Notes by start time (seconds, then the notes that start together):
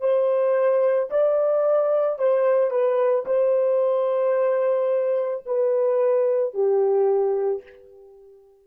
0.00 C5
1.10 D5
2.19 C5
2.70 B4
3.26 C5
5.45 B4
6.54 G4